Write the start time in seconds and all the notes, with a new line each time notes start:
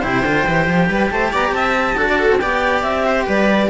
0.00 C3 E4 C5 G5
0.24 D3 F4
0.47 E3 G4
0.67 F3
0.89 G3 B4
1.10 A3 C5 A5
1.31 B3 D5 A#5
1.51 C4 E5 A5
1.96 D4 F#4 A4
2.08 D5
2.18 A4
2.30 C4
2.38 B3 G4 D5 G5
2.81 C4 E5
3.06 C5
3.26 G3 B4 D5